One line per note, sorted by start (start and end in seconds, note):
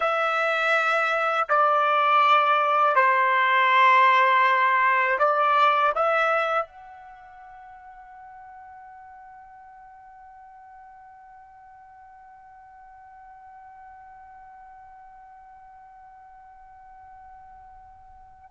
0.00 1.48 E5
1.48 2.95 D5
2.95 5.18 C5
5.18 5.92 D5
5.95 6.66 E5
6.66 18.50 F#5